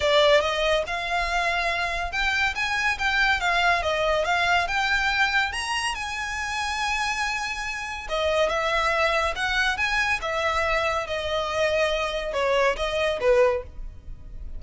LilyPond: \new Staff \with { instrumentName = "violin" } { \time 4/4 \tempo 4 = 141 d''4 dis''4 f''2~ | f''4 g''4 gis''4 g''4 | f''4 dis''4 f''4 g''4~ | g''4 ais''4 gis''2~ |
gis''2. dis''4 | e''2 fis''4 gis''4 | e''2 dis''2~ | dis''4 cis''4 dis''4 b'4 | }